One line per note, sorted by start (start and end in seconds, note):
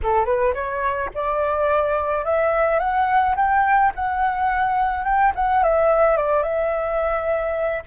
0.02 0.25 A4
0.25 0.53 B4
0.54 1.10 C#5
1.14 2.24 D5
2.24 2.79 E5
2.79 3.35 F#5
3.36 3.92 G5
3.95 5.04 F#5
5.04 5.32 G5
5.35 5.63 F#5
5.63 6.17 E5
6.17 6.42 D5
6.42 7.82 E5